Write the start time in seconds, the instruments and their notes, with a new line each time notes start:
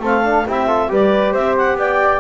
0.00 double bass A3, trombone C4, flute A4, clarinet F5
0.24 trombone D4
0.47 double bass C4, trombone E4, flute G4, clarinet E5
0.68 trombone F4, flute A4
0.89 double bass G3, trombone G4, flute B4, clarinet D5
1.33 double bass C4, flute C5, clarinet E5
1.58 clarinet F#5
1.75 double bass B3, flute D5, clarinet G5